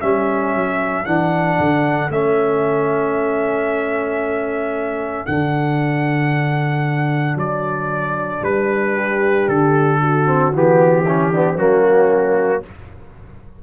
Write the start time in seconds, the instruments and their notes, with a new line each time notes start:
0.00 tuba G3, trombone C#4, horn A4, trumpet E5
0.55 tuba F#3
1.05 tuba E3, trombone D4, trumpet F#5
1.59 tuba D3
2.09 tuba A3, trombone C#4, trumpet E5
5.26 tuba D3, trombone D4, trumpet F#5
7.35 tuba F#3, trumpet D5
8.41 tuba G3, trumpet B4
8.95 horn G4
9.48 tuba D3, trumpet A4
10.01 horn F#4
10.26 trombone C4
10.53 tuba E3, trombone B3, trumpet G4
11.05 trombone C#4, horn E4
11.32 trombone B3, horn D4
11.56 tuba F#3, trombone A#3, horn C#4, trumpet F#4